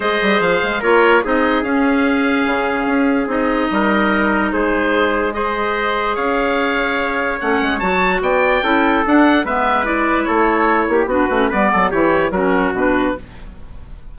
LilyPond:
<<
  \new Staff \with { instrumentName = "oboe" } { \time 4/4 \tempo 4 = 146 dis''4 f''4 cis''4 dis''4 | f''1 | dis''2. c''4~ | c''4 dis''2 f''4~ |
f''2 fis''4 a''4 | g''2 fis''4 e''4 | d''4 cis''2 b'4 | d''4 cis''4 ais'4 b'4 | }
  \new Staff \with { instrumentName = "trumpet" } { \time 4/4 c''2 ais'4 gis'4~ | gis'1~ | gis'4 ais'2 gis'4~ | gis'4 c''2 cis''4~ |
cis''1 | d''4 a'2 b'4~ | b'4 a'4. g'8 fis'4 | b'8 a'8 g'4 fis'2 | }
  \new Staff \with { instrumentName = "clarinet" } { \time 4/4 gis'2 f'4 dis'4 | cis'1 | dis'1~ | dis'4 gis'2.~ |
gis'2 cis'4 fis'4~ | fis'4 e'4 d'4 b4 | e'2. d'8 cis'8 | b4 e'4 cis'4 d'4 | }
  \new Staff \with { instrumentName = "bassoon" } { \time 4/4 gis8 g8 f8 gis8 ais4 c'4 | cis'2 cis4 cis'4 | c'4 g2 gis4~ | gis2. cis'4~ |
cis'2 a8 gis8 fis4 | b4 cis'4 d'4 gis4~ | gis4 a4. ais8 b8 a8 | g8 fis8 e4 fis4 b,4 | }
>>